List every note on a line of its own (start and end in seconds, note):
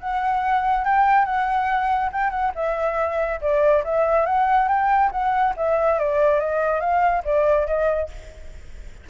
0.00 0.85 F#5
0.85 1.25 G5
1.25 2.10 F#5
2.12 2.31 G5
2.31 2.52 F#5
2.55 3.40 E5
3.41 3.84 D5
3.85 4.26 E5
4.26 4.68 F#5
4.68 5.11 G5
5.12 5.54 F#5
5.57 5.99 E5
5.99 6.40 D5
6.40 6.80 D#5
6.80 7.23 F5
7.25 7.67 D5
7.67 8.10 D#5